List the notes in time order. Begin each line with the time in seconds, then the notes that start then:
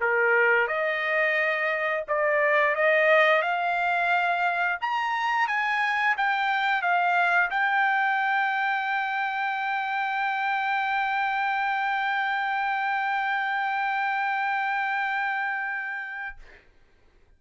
0.00 A#4
0.67 D#5
2.08 D5
2.75 D#5
3.42 F5
4.81 A#5
5.47 G#5
6.17 G5
6.82 F5
7.50 G5